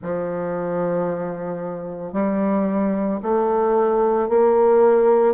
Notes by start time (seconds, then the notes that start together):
0.02 F3
2.12 G3
3.22 A3
4.29 A#3